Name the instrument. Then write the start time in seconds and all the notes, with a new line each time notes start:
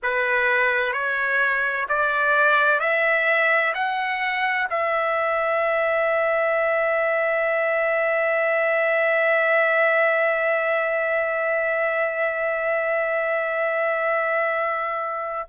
trumpet
0.03 B4
0.92 C#5
1.88 D5
2.80 E5
3.74 F#5
4.70 E5